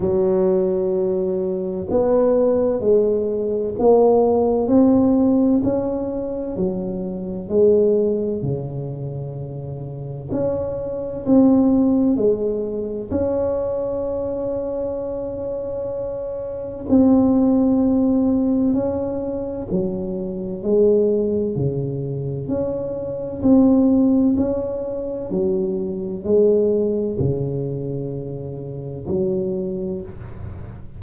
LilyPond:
\new Staff \with { instrumentName = "tuba" } { \time 4/4 \tempo 4 = 64 fis2 b4 gis4 | ais4 c'4 cis'4 fis4 | gis4 cis2 cis'4 | c'4 gis4 cis'2~ |
cis'2 c'2 | cis'4 fis4 gis4 cis4 | cis'4 c'4 cis'4 fis4 | gis4 cis2 fis4 | }